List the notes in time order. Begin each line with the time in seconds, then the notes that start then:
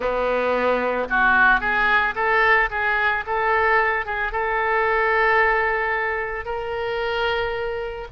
0.00 B3
1.09 F#4
1.60 G#4
2.15 A4
2.70 G#4
3.26 A4
4.05 G#4
4.31 A4
6.45 A#4